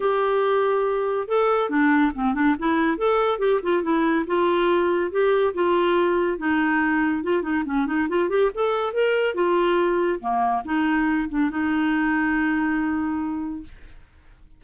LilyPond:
\new Staff \with { instrumentName = "clarinet" } { \time 4/4 \tempo 4 = 141 g'2. a'4 | d'4 c'8 d'8 e'4 a'4 | g'8 f'8 e'4 f'2 | g'4 f'2 dis'4~ |
dis'4 f'8 dis'8 cis'8 dis'8 f'8 g'8 | a'4 ais'4 f'2 | ais4 dis'4. d'8 dis'4~ | dis'1 | }